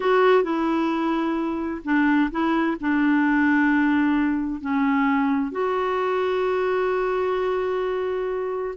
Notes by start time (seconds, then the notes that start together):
0.00 F#4
0.43 E4
1.84 D4
2.31 E4
2.80 D4
4.60 C#4
5.51 F#4